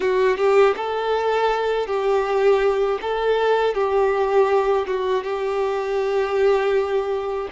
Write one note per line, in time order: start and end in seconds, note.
0.00 0.37 F#4
0.37 0.74 G4
0.76 1.86 A4
1.86 2.99 G4
3.01 3.74 A4
3.74 4.86 G4
4.86 5.23 F#4
5.23 7.48 G4